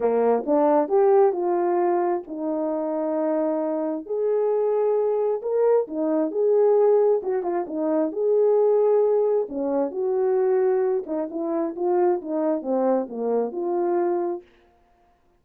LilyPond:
\new Staff \with { instrumentName = "horn" } { \time 4/4 \tempo 4 = 133 ais4 d'4 g'4 f'4~ | f'4 dis'2.~ | dis'4 gis'2. | ais'4 dis'4 gis'2 |
fis'8 f'8 dis'4 gis'2~ | gis'4 cis'4 fis'2~ | fis'8 dis'8 e'4 f'4 dis'4 | c'4 ais4 f'2 | }